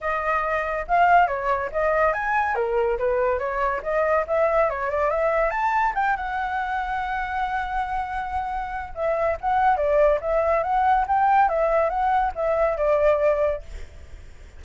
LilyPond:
\new Staff \with { instrumentName = "flute" } { \time 4/4 \tempo 4 = 141 dis''2 f''4 cis''4 | dis''4 gis''4 ais'4 b'4 | cis''4 dis''4 e''4 cis''8 d''8 | e''4 a''4 g''8 fis''4.~ |
fis''1~ | fis''4 e''4 fis''4 d''4 | e''4 fis''4 g''4 e''4 | fis''4 e''4 d''2 | }